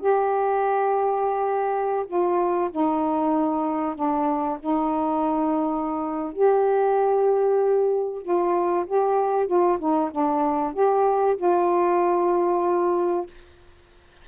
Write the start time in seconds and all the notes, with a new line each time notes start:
0.00 G4
2.07 F4
2.71 D#4
3.95 D4
4.60 D#4
6.33 G4
8.22 F4
8.87 G4
9.47 F4
9.79 D#4
10.11 D4
10.73 G4
11.37 F4